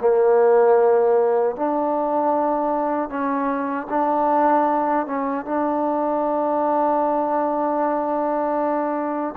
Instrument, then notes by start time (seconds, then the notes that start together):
trombone
0.00 A#3
1.55 D4
3.09 C#4
3.89 D4
5.06 C#4
5.45 D4